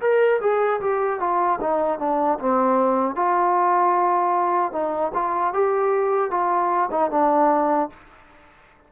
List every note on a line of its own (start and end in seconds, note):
0.00 0.39 A#4
0.41 0.80 G#4
0.80 1.19 G4
1.19 1.59 F4
1.60 1.99 D#4
1.99 2.38 D4
2.39 3.15 C4
3.15 4.72 F4
4.72 5.11 D#4
5.14 5.53 F4
5.53 6.30 G4
6.30 6.89 F4
6.91 7.11 D#4
7.11 7.89 D4